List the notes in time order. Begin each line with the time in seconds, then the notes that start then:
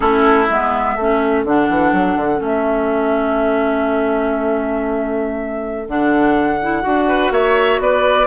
0.00 A3 C#4 E4 A4
0.48 G#3 B3 E5
0.94 A3 C#4 A4
1.44 D3 D4 F#5
1.69 E3
1.92 F#3
2.16 D3
2.36 A3 C#4
2.42 E5
5.87 D3 D4 F#5
6.62 E4
6.81 D4 F#4
7.08 B4
7.30 A#3 C#5 E5
7.78 B3 B4 D5